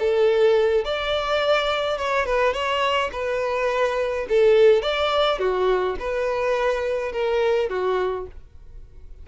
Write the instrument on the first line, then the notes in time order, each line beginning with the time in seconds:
violin
0.00 A4
0.85 D5
1.98 C#5
2.26 B4
2.54 C#5
3.13 B4
4.29 A4
4.83 D5
5.39 F#4
6.00 B4
7.13 A#4
7.70 F#4